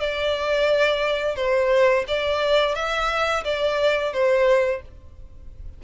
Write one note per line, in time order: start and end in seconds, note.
0.00 1.36 D5
1.36 2.05 C5
2.08 2.75 D5
2.75 3.44 E5
3.45 4.13 D5
4.13 4.82 C5